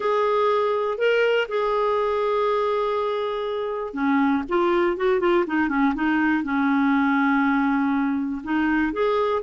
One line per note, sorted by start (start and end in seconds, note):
0.00 0.97 G#4
0.97 1.47 A#4
1.48 3.93 G#4
3.93 4.43 C#4
4.49 4.97 F4
4.97 5.20 F#4
5.20 5.45 F4
5.47 5.68 D#4
5.68 5.93 C#4
5.94 6.43 D#4
6.43 8.42 C#4
8.43 8.92 D#4
8.92 9.42 G#4